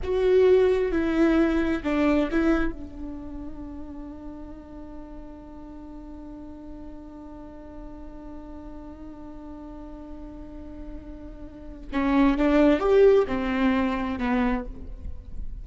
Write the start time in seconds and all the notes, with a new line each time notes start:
0.03 F#4
0.91 E4
1.83 D4
2.31 E4
2.72 D4
11.92 C#4
12.37 D4
12.79 G4
13.27 C4
14.18 B3